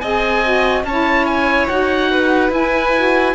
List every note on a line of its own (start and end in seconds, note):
0.00 0.84 C4
0.00 0.44 G#4
0.00 0.85 D#5
0.00 0.83 G#5
0.44 0.85 F#4
0.84 1.67 C#4
0.84 1.70 E4
0.84 2.11 C#5
0.84 1.27 A5
1.27 1.68 G#5
1.68 2.50 D#4
1.68 2.50 F#4
1.68 2.51 F#5
2.11 3.35 B4
2.50 3.33 E4
2.50 2.92 E4
2.50 3.35 G#5
2.96 3.35 F#4